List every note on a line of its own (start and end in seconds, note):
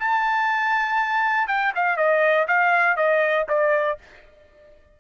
0.00 1.48 A5
1.48 1.73 G5
1.75 1.97 F5
1.97 2.47 D#5
2.48 2.97 F5
2.97 3.47 D#5
3.49 3.99 D5